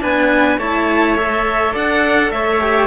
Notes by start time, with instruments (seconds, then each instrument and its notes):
0.00 cello B3 D4, trumpet B4, violin G#5
0.57 cello A3 E4, trumpet C#5, violin A5
1.17 cello A4, violin E5
1.73 cello D4, trumpet D5, violin F#5
2.31 cello A3, trumpet C#5, violin E5
2.61 cello G4